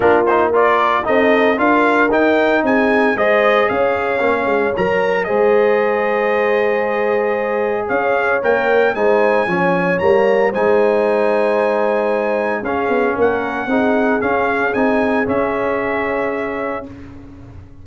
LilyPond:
<<
  \new Staff \with { instrumentName = "trumpet" } { \time 4/4 \tempo 4 = 114 ais'8 c''8 d''4 dis''4 f''4 | g''4 gis''4 dis''4 f''4~ | f''4 ais''4 dis''2~ | dis''2. f''4 |
g''4 gis''2 ais''4 | gis''1 | f''4 fis''2 f''4 | gis''4 e''2. | }
  \new Staff \with { instrumentName = "horn" } { \time 4/4 f'4 ais'4 a'4 ais'4~ | ais'4 gis'4 c''4 cis''4~ | cis''2 c''2~ | c''2. cis''4~ |
cis''4 c''4 cis''2 | c''1 | gis'4 ais'4 gis'2~ | gis'1 | }
  \new Staff \with { instrumentName = "trombone" } { \time 4/4 d'8 dis'8 f'4 dis'4 f'4 | dis'2 gis'2 | cis'4 ais'4 gis'2~ | gis'1 |
ais'4 dis'4 cis'4 ais4 | dis'1 | cis'2 dis'4 cis'4 | dis'4 cis'2. | }
  \new Staff \with { instrumentName = "tuba" } { \time 4/4 ais2 c'4 d'4 | dis'4 c'4 gis4 cis'4 | ais8 gis8 fis4 gis2~ | gis2. cis'4 |
ais4 gis4 f4 g4 | gis1 | cis'8 b8 ais4 c'4 cis'4 | c'4 cis'2. | }
>>